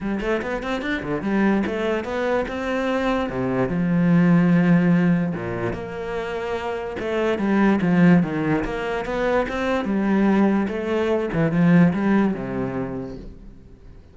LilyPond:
\new Staff \with { instrumentName = "cello" } { \time 4/4 \tempo 4 = 146 g8 a8 b8 c'8 d'8 d8 g4 | a4 b4 c'2 | c4 f2.~ | f4 ais,4 ais2~ |
ais4 a4 g4 f4 | dis4 ais4 b4 c'4 | g2 a4. e8 | f4 g4 c2 | }